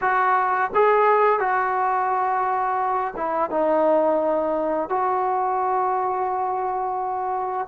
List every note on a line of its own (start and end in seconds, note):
0.01 0.70 F#4
0.74 1.39 G#4
1.39 3.14 F#4
3.16 3.50 E4
3.50 4.89 D#4
4.89 7.67 F#4